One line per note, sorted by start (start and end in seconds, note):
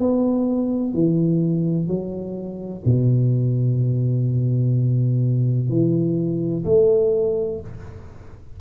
0.00 0.94 B3
0.94 1.88 E3
1.88 2.83 F#3
2.85 5.70 B2
5.70 6.65 E3
6.65 7.60 A3